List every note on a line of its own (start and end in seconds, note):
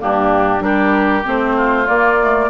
0.00 0.61 G2
0.00 0.60 A#3
0.00 0.64 D4
0.00 0.62 G4
0.60 1.23 G3
0.60 1.23 D4
0.60 1.57 G4
0.60 1.25 A#4
1.25 1.89 A3
1.25 1.86 C4
1.25 1.88 C5
1.57 2.50 F4
1.86 2.18 A#3
1.86 2.50 A#3
1.86 2.50 D5
2.22 2.50 A3